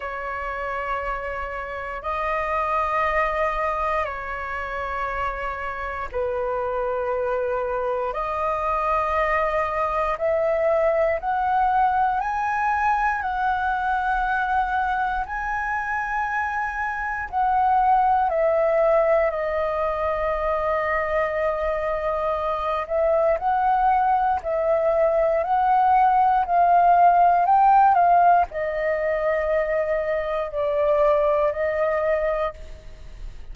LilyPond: \new Staff \with { instrumentName = "flute" } { \time 4/4 \tempo 4 = 59 cis''2 dis''2 | cis''2 b'2 | dis''2 e''4 fis''4 | gis''4 fis''2 gis''4~ |
gis''4 fis''4 e''4 dis''4~ | dis''2~ dis''8 e''8 fis''4 | e''4 fis''4 f''4 g''8 f''8 | dis''2 d''4 dis''4 | }